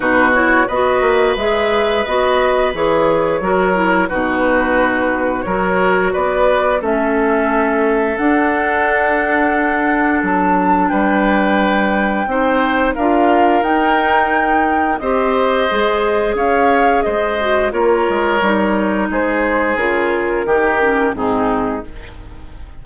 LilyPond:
<<
  \new Staff \with { instrumentName = "flute" } { \time 4/4 \tempo 4 = 88 b'8 cis''8 dis''4 e''4 dis''4 | cis''2 b'2 | cis''4 d''4 e''2 | fis''2. a''4 |
g''2. f''4 | g''2 dis''2 | f''4 dis''4 cis''2 | c''4 ais'2 gis'4 | }
  \new Staff \with { instrumentName = "oboe" } { \time 4/4 fis'4 b'2.~ | b'4 ais'4 fis'2 | ais'4 b'4 a'2~ | a'1 |
b'2 c''4 ais'4~ | ais'2 c''2 | cis''4 c''4 ais'2 | gis'2 g'4 dis'4 | }
  \new Staff \with { instrumentName = "clarinet" } { \time 4/4 dis'8 e'8 fis'4 gis'4 fis'4 | gis'4 fis'8 e'8 dis'2 | fis'2 cis'2 | d'1~ |
d'2 dis'4 f'4 | dis'2 g'4 gis'4~ | gis'4. fis'8 f'4 dis'4~ | dis'4 f'4 dis'8 cis'8 c'4 | }
  \new Staff \with { instrumentName = "bassoon" } { \time 4/4 b,4 b8 ais8 gis4 b4 | e4 fis4 b,2 | fis4 b4 a2 | d'2. fis4 |
g2 c'4 d'4 | dis'2 c'4 gis4 | cis'4 gis4 ais8 gis8 g4 | gis4 cis4 dis4 gis,4 | }
>>